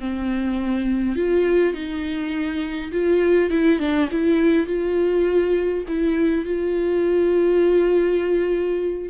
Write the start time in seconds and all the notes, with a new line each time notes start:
0.00 C4
1.16 F4
1.74 D#4
2.92 F4
3.50 E4
3.80 D4
4.11 E4
4.67 F4
5.88 E4
6.45 F4